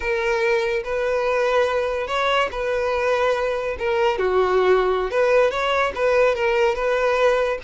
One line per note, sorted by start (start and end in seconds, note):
0.00 0.83 A#4
0.84 2.07 B4
2.07 2.48 C#5
2.51 3.76 B4
3.78 4.18 A#4
4.18 5.10 F#4
5.10 5.50 B4
5.50 5.92 C#5
5.95 6.35 B4
6.35 6.75 A#4
6.75 7.58 B4